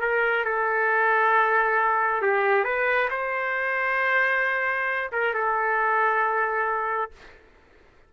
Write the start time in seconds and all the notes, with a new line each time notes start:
0.00 A#4
0.44 A4
2.22 G4
2.64 B4
3.10 C5
5.12 A#4
5.34 A4